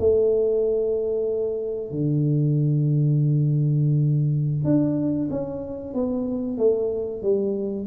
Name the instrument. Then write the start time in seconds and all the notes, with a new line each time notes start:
tuba
0.00 A3
1.91 D3
4.65 D4
5.30 C#4
5.94 B3
6.58 A3
7.23 G3